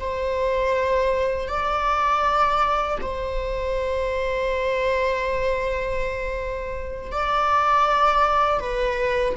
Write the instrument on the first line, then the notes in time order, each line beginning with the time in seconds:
viola
0.00 C5
1.48 D5
3.02 C5
7.12 D5
8.60 B4